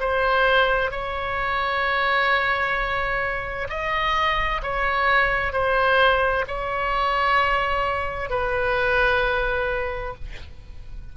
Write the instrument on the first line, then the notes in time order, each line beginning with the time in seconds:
oboe
0.00 C5
0.91 C#5
3.69 D#5
4.63 C#5
5.53 C5
6.48 C#5
8.30 B4